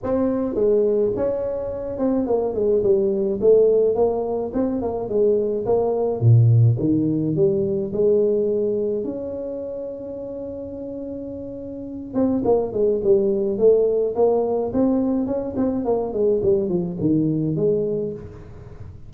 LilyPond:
\new Staff \with { instrumentName = "tuba" } { \time 4/4 \tempo 4 = 106 c'4 gis4 cis'4. c'8 | ais8 gis8 g4 a4 ais4 | c'8 ais8 gis4 ais4 ais,4 | dis4 g4 gis2 |
cis'1~ | cis'4. c'8 ais8 gis8 g4 | a4 ais4 c'4 cis'8 c'8 | ais8 gis8 g8 f8 dis4 gis4 | }